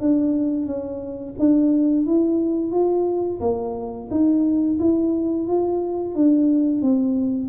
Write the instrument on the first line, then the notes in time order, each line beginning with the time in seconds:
tuba
0.00 D4
0.66 C#4
1.39 D4
2.05 E4
2.71 F4
3.40 A#3
4.10 D#4
4.79 E4
5.47 F4
6.14 D4
6.81 C4